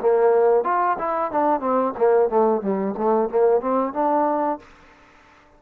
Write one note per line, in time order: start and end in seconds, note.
0.00 0.64 A#3
0.64 0.97 F4
0.98 1.31 E4
1.31 1.60 D4
1.60 1.93 C4
1.98 2.29 A#3
2.29 2.61 A3
2.61 2.94 G3
2.97 3.29 A3
3.29 3.61 A#3
3.61 3.94 C4
3.94 4.59 D4